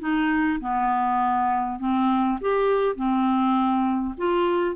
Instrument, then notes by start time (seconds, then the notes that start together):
clarinet
0.00 D#4
0.60 B3
1.79 C4
2.41 G4
2.96 C4
4.17 F4